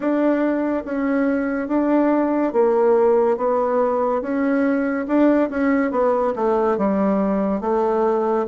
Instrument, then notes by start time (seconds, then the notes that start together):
bassoon
0.00 D4
0.85 C#4
1.68 D4
2.52 A#3
3.37 B3
4.21 C#4
5.07 D4
5.49 C#4
5.91 B3
6.35 A3
6.77 G3
7.61 A3